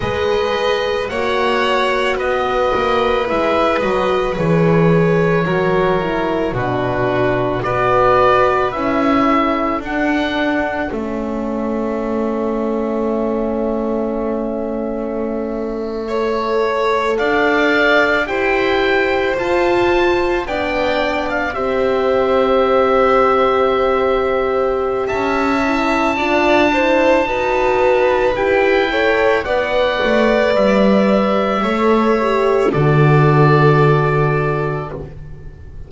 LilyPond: <<
  \new Staff \with { instrumentName = "oboe" } { \time 4/4 \tempo 4 = 55 dis''4 fis''4 dis''4 e''8 dis''8 | cis''2 b'4 d''4 | e''4 fis''4 e''2~ | e''2.~ e''8. f''16~ |
f''8. g''4 a''4 g''8. f''16 e''16~ | e''2. a''4~ | a''2 g''4 fis''4 | e''2 d''2 | }
  \new Staff \with { instrumentName = "violin" } { \time 4/4 b'4 cis''4 b'2~ | b'4 ais'4 fis'4 b'4~ | b'8 a'2.~ a'8~ | a'2~ a'8. cis''4 d''16~ |
d''8. c''2 d''4 c''16~ | c''2. e''4 | d''8 c''8 b'4. cis''8 d''4~ | d''4 cis''4 a'2 | }
  \new Staff \with { instrumentName = "horn" } { \time 4/4 gis'4 fis'2 e'8 fis'8 | gis'4 fis'8 e'8 d'4 fis'4 | e'4 d'4 cis'2~ | cis'2~ cis'8. a'4~ a'16~ |
a'8. g'4 f'4 d'4 g'16~ | g'2.~ g'8 e'8 | f'8 e'8 fis'4 g'8 a'8 b'4~ | b'4 a'8 g'8 fis'2 | }
  \new Staff \with { instrumentName = "double bass" } { \time 4/4 gis4 ais4 b8 ais8 gis8 fis8 | e4 fis4 b,4 b4 | cis'4 d'4 a2~ | a2.~ a8. d'16~ |
d'8. e'4 f'4 b4 c'16~ | c'2. cis'4 | d'4 dis'4 e'4 b8 a8 | g4 a4 d2 | }
>>